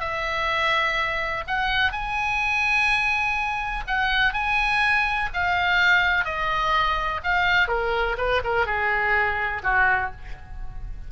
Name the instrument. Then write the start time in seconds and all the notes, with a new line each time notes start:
oboe
0.00 E5
1.47 F#5
1.92 G#5
3.87 F#5
4.33 G#5
5.34 F5
6.25 D#5
7.24 F5
7.68 A#4
8.18 B4
8.44 A#4
8.66 G#4
9.63 F#4